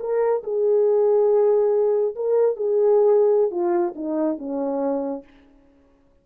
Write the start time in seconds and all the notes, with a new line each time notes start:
0.00 A#4
0.44 G#4
2.16 A#4
2.56 G#4
3.51 F4
3.95 D#4
4.38 C#4